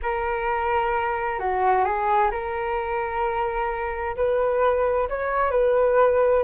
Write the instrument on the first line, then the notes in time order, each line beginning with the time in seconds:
flute
0.02 A#4
1.39 F#4
1.84 G#4
2.31 A#4
4.16 B4
5.09 C#5
5.50 B4